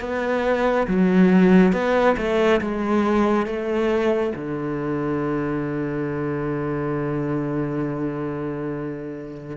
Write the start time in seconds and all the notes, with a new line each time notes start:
0.00 B3
0.87 F#3
1.72 B3
2.17 A3
2.61 G#3
3.46 A3
4.36 D3